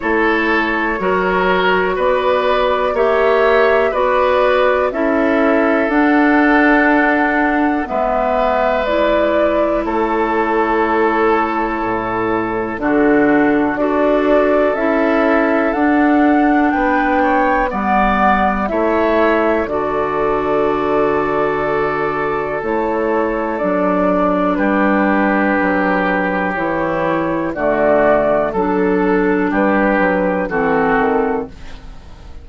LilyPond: <<
  \new Staff \with { instrumentName = "flute" } { \time 4/4 \tempo 4 = 61 cis''2 d''4 e''4 | d''4 e''4 fis''2 | e''4 d''4 cis''2~ | cis''4 a'4 d''4 e''4 |
fis''4 g''4 fis''4 e''4 | d''2. cis''4 | d''4 b'2 cis''4 | d''4 a'4 b'4 a'4 | }
  \new Staff \with { instrumentName = "oboe" } { \time 4/4 a'4 ais'4 b'4 cis''4 | b'4 a'2. | b'2 a'2~ | a'4 fis'4 a'2~ |
a'4 b'8 cis''8 d''4 cis''4 | a'1~ | a'4 g'2. | fis'4 a'4 g'4 fis'4 | }
  \new Staff \with { instrumentName = "clarinet" } { \time 4/4 e'4 fis'2 g'4 | fis'4 e'4 d'2 | b4 e'2.~ | e'4 d'4 fis'4 e'4 |
d'2 b4 e'4 | fis'2. e'4 | d'2. e'4 | a4 d'2 c'4 | }
  \new Staff \with { instrumentName = "bassoon" } { \time 4/4 a4 fis4 b4 ais4 | b4 cis'4 d'2 | gis2 a2 | a,4 d4 d'4 cis'4 |
d'4 b4 g4 a4 | d2. a4 | fis4 g4 fis4 e4 | d4 fis4 g8 fis8 e8 dis8 | }
>>